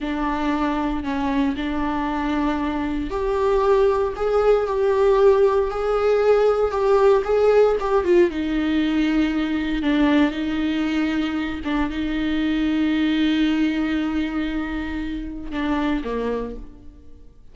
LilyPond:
\new Staff \with { instrumentName = "viola" } { \time 4/4 \tempo 4 = 116 d'2 cis'4 d'4~ | d'2 g'2 | gis'4 g'2 gis'4~ | gis'4 g'4 gis'4 g'8 f'8 |
dis'2. d'4 | dis'2~ dis'8 d'8 dis'4~ | dis'1~ | dis'2 d'4 ais4 | }